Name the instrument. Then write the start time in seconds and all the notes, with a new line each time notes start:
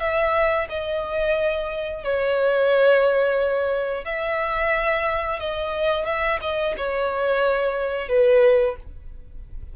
violin
0.00 E5
0.69 D#5
2.04 C#5
4.04 E5
5.39 D#5
6.06 E5
6.41 D#5
6.77 C#5
8.08 B4